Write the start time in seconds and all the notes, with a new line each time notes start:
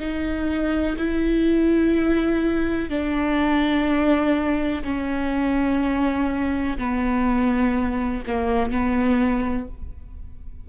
0.00 D#4
0.98 E4
2.90 D4
4.84 C#4
6.78 B3
8.27 A#3
8.72 B3